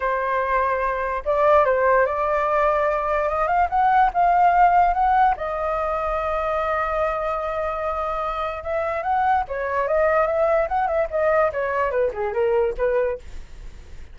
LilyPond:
\new Staff \with { instrumentName = "flute" } { \time 4/4 \tempo 4 = 146 c''2. d''4 | c''4 d''2. | dis''8 f''8 fis''4 f''2 | fis''4 dis''2.~ |
dis''1~ | dis''4 e''4 fis''4 cis''4 | dis''4 e''4 fis''8 e''8 dis''4 | cis''4 b'8 gis'8 ais'4 b'4 | }